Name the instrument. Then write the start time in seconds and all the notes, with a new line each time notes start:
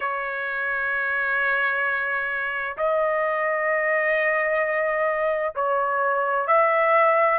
trumpet
0.00 C#5
2.77 D#5
5.55 C#5
6.47 E5